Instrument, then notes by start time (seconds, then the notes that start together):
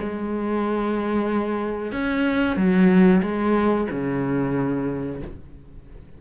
cello
0.00 G#3
1.93 C#4
2.57 F#3
3.23 G#3
3.91 C#3